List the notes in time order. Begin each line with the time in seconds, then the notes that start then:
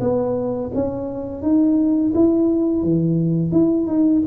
0.00 B3
0.74 C#4
1.42 D#4
2.14 E4
2.83 E3
3.51 E4
3.87 D#4